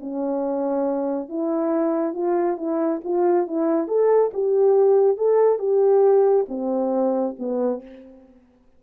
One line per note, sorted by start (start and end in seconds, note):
0.00 1.29 C#4
1.29 2.14 E4
2.14 2.57 F4
2.57 3.01 E4
3.04 3.47 F4
3.47 3.88 E4
3.88 4.31 A4
4.33 5.17 G4
5.17 5.59 A4
5.59 6.46 G4
6.48 7.35 C4
7.39 7.82 B3